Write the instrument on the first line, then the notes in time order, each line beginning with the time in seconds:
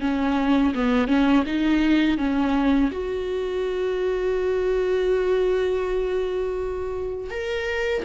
viola
0.00 C#4
0.74 B3
1.07 C#4
1.46 D#4
2.17 C#4
2.91 F#4
7.30 A#4